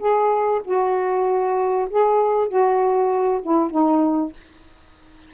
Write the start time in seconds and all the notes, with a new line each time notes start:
0.00 G#4
0.65 F#4
1.90 G#4
2.49 F#4
3.42 E4
3.71 D#4